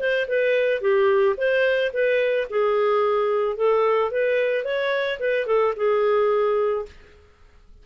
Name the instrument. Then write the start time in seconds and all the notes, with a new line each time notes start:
clarinet
0.00 C5
0.28 B4
0.82 G4
1.38 C5
1.93 B4
2.50 G#4
3.57 A4
4.12 B4
4.65 C#5
5.20 B4
5.47 A4
5.77 G#4